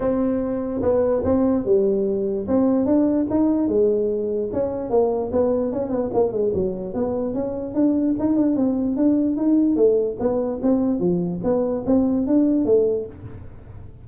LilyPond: \new Staff \with { instrumentName = "tuba" } { \time 4/4 \tempo 4 = 147 c'2 b4 c'4 | g2 c'4 d'4 | dis'4 gis2 cis'4 | ais4 b4 cis'8 b8 ais8 gis8 |
fis4 b4 cis'4 d'4 | dis'8 d'8 c'4 d'4 dis'4 | a4 b4 c'4 f4 | b4 c'4 d'4 a4 | }